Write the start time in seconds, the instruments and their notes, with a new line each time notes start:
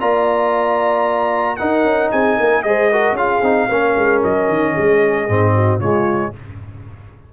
0.00 tuba A#3, trombone F4, horn D5, trumpet A#5
1.57 trombone D#4, tuba D#4, horn A#4, trumpet F#5
1.84 tuba C#4
2.11 tuba C4, horn G#4, trumpet G#5
2.37 tuba A#3, horn A#4
2.63 tuba G#3, trombone G#4, horn C5, trumpet D#5
2.91 trombone F#4, horn A#4
3.12 tuba C#4, trombone F4, horn G#4, trumpet F5
3.42 tuba C4, trombone D#4
3.69 tuba A#3, trombone C#4, horn A#4
3.96 tuba G#3
4.24 tuba F#3, trumpet D#5
4.48 tuba D#3
4.73 tuba G#3, horn G#4
5.29 tuba G#2, trombone C4
5.54 horn F#4
5.80 tuba C#3, trombone G#3, horn F4, trumpet C#5